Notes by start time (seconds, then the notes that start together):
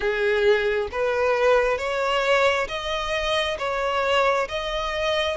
0.00 G#4
0.91 B4
1.78 C#5
2.67 D#5
3.58 C#5
4.48 D#5